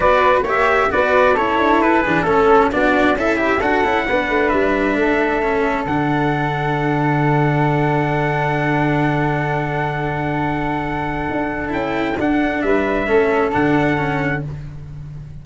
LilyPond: <<
  \new Staff \with { instrumentName = "trumpet" } { \time 4/4 \tempo 4 = 133 d''4 e''4 d''4 cis''4 | b'4 a'4 d''4 e''4 | fis''2 e''2~ | e''4 fis''2.~ |
fis''1~ | fis''1~ | fis''2 g''4 fis''4 | e''2 fis''2 | }
  \new Staff \with { instrumentName = "flute" } { \time 4/4 b'4 cis''4 b'4 a'4~ | a'8 gis'8 a'4 fis'4 e'4 | a'4 b'2 a'4~ | a'1~ |
a'1~ | a'1~ | a'1 | b'4 a'2. | }
  \new Staff \with { instrumentName = "cello" } { \time 4/4 fis'4 g'4 fis'4 e'4~ | e'8 d'8 cis'4 d'4 a'8 g'8 | fis'8 e'8 d'2. | cis'4 d'2.~ |
d'1~ | d'1~ | d'2 e'4 d'4~ | d'4 cis'4 d'4 cis'4 | }
  \new Staff \with { instrumentName = "tuba" } { \time 4/4 b4 ais4 b4 cis'8 d'8 | e'8 e8 a4 b4 cis'4 | d'8 cis'8 b8 a8 g4 a4~ | a4 d2.~ |
d1~ | d1~ | d4 d'4 cis'4 d'4 | g4 a4 d2 | }
>>